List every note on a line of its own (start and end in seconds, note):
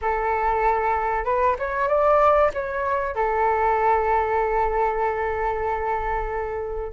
0.01 1.24 A4
1.24 1.56 B4
1.58 1.88 C#5
1.88 2.51 D5
2.53 3.15 C#5
3.15 6.92 A4